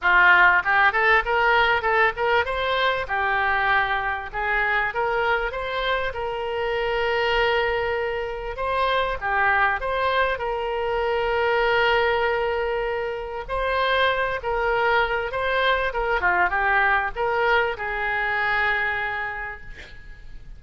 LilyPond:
\new Staff \with { instrumentName = "oboe" } { \time 4/4 \tempo 4 = 98 f'4 g'8 a'8 ais'4 a'8 ais'8 | c''4 g'2 gis'4 | ais'4 c''4 ais'2~ | ais'2 c''4 g'4 |
c''4 ais'2.~ | ais'2 c''4. ais'8~ | ais'4 c''4 ais'8 f'8 g'4 | ais'4 gis'2. | }